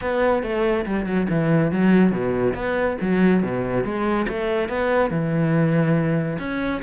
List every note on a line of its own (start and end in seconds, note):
0.01 0.42 B3
0.42 0.85 A3
0.85 1.06 G3
1.06 1.27 F#3
1.29 1.71 E3
1.71 2.11 F#3
2.11 2.54 B2
2.54 2.97 B3
3.01 3.42 F#3
3.42 3.83 B2
3.83 4.26 G#3
4.28 4.68 A3
4.68 5.10 B3
5.10 6.38 E3
6.38 6.81 C#4